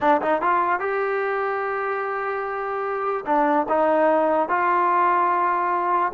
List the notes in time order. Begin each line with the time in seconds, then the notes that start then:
0.00 D4
0.21 D#4
0.41 F4
0.79 G4
3.26 D4
3.68 D#4
4.49 F4